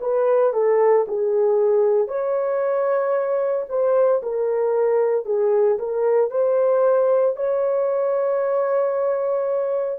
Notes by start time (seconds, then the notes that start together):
0.00 B4
0.53 A4
1.08 G#4
2.08 C#5
3.69 C5
4.22 A#4
5.25 G#4
5.78 A#4
6.31 C5
7.36 C#5